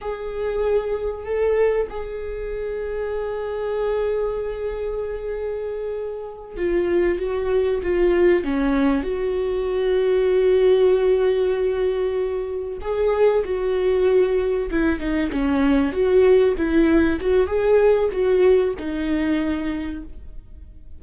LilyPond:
\new Staff \with { instrumentName = "viola" } { \time 4/4 \tempo 4 = 96 gis'2 a'4 gis'4~ | gis'1~ | gis'2~ gis'8 f'4 fis'8~ | fis'8 f'4 cis'4 fis'4.~ |
fis'1~ | fis'8 gis'4 fis'2 e'8 | dis'8 cis'4 fis'4 e'4 fis'8 | gis'4 fis'4 dis'2 | }